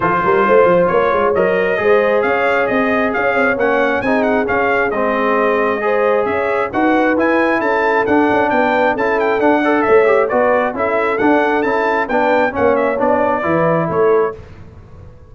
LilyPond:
<<
  \new Staff \with { instrumentName = "trumpet" } { \time 4/4 \tempo 4 = 134 c''2 cis''4 dis''4~ | dis''4 f''4 dis''4 f''4 | fis''4 gis''8 fis''8 f''4 dis''4~ | dis''2 e''4 fis''4 |
gis''4 a''4 fis''4 g''4 | a''8 g''8 fis''4 e''4 d''4 | e''4 fis''4 a''4 g''4 | fis''8 e''8 d''2 cis''4 | }
  \new Staff \with { instrumentName = "horn" } { \time 4/4 a'8 ais'8 c''4 cis''2 | c''4 cis''4 dis''4 cis''4~ | cis''4 gis'2.~ | gis'4 c''4 cis''4 b'4~ |
b'4 a'2 b'4 | a'4. d''8 cis''4 b'4 | a'2. b'4 | cis''2 b'4 a'4 | }
  \new Staff \with { instrumentName = "trombone" } { \time 4/4 f'2. ais'4 | gis'1 | cis'4 dis'4 cis'4 c'4~ | c'4 gis'2 fis'4 |
e'2 d'2 | e'4 d'8 a'4 g'8 fis'4 | e'4 d'4 e'4 d'4 | cis'4 d'4 e'2 | }
  \new Staff \with { instrumentName = "tuba" } { \time 4/4 f8 g8 a8 f8 ais8 gis8 fis4 | gis4 cis'4 c'4 cis'8 c'8 | ais4 c'4 cis'4 gis4~ | gis2 cis'4 dis'4 |
e'4 cis'4 d'8 cis'8 b4 | cis'4 d'4 a4 b4 | cis'4 d'4 cis'4 b4 | ais4 b4 e4 a4 | }
>>